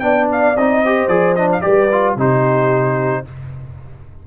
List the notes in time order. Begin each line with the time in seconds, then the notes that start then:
0.00 B3 D4 D5 G5
0.32 F5
0.57 C4 D#4 D#5
0.82 G4 C5
1.08 F3 G#4 D5
1.36 D4 D#5
1.53 F5
1.62 G3 G4 B4 D5
1.92 F4
2.16 C3 D#4 G4 C5